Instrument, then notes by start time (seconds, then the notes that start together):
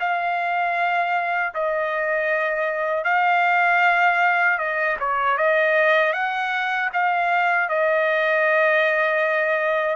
trumpet
0.00 F5
1.55 D#5
3.05 F5
4.58 D#5
5.00 C#5
5.37 D#5
6.13 F#5
6.93 F5
7.69 D#5